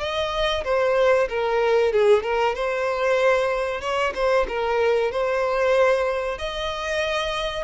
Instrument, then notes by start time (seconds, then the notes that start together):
violin
0.00 D#5
0.64 C5
1.29 A#4
1.93 G#4
2.23 A#4
2.55 C5
3.81 C#5
4.15 C5
4.48 A#4
5.12 C5
6.38 D#5